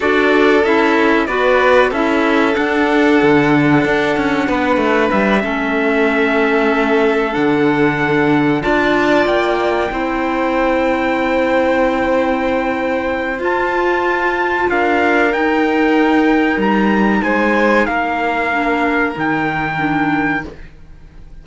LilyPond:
<<
  \new Staff \with { instrumentName = "trumpet" } { \time 4/4 \tempo 4 = 94 d''4 e''4 d''4 e''4 | fis''1 | e''2.~ e''8 fis''8~ | fis''4. a''4 g''4.~ |
g''1~ | g''4 a''2 f''4 | g''2 ais''4 gis''4 | f''2 g''2 | }
  \new Staff \with { instrumentName = "violin" } { \time 4/4 a'2 b'4 a'4~ | a'2. b'4~ | b'8 a'2.~ a'8~ | a'4. d''2 c''8~ |
c''1~ | c''2. ais'4~ | ais'2. c''4 | ais'1 | }
  \new Staff \with { instrumentName = "clarinet" } { \time 4/4 fis'4 e'4 fis'4 e'4 | d'1~ | d'8 cis'2. d'8~ | d'4. f'2 e'8~ |
e'1~ | e'4 f'2. | dis'1~ | dis'4 d'4 dis'4 d'4 | }
  \new Staff \with { instrumentName = "cello" } { \time 4/4 d'4 cis'4 b4 cis'4 | d'4 d4 d'8 cis'8 b8 a8 | g8 a2. d8~ | d4. d'4 ais4 c'8~ |
c'1~ | c'4 f'2 d'4 | dis'2 g4 gis4 | ais2 dis2 | }
>>